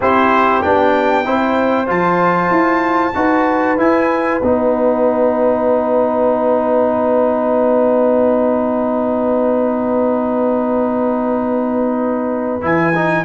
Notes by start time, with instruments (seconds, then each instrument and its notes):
0.00 tuba C4, trombone E4, horn G4, trumpet C5
0.62 tuba B3, trombone D4, trumpet G5
1.25 tuba C4, trombone E4, horn C5
1.86 tuba F3, trombone F4, trumpet A5
2.50 tuba E4
3.14 tuba D#4, trombone F#4, horn B4
3.78 trombone E4, tuba E4, trumpet G#5
4.41 tuba B3, trombone D#4, trumpet F#5
12.61 tuba E3, trombone E4, trumpet G#5
12.95 trombone D#4